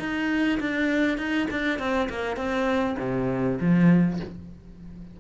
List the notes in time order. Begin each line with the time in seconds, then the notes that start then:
0.00 D#4
0.60 D4
1.18 D#4
1.51 D4
1.79 C4
2.10 A#3
2.37 C4
3.00 C3
3.61 F3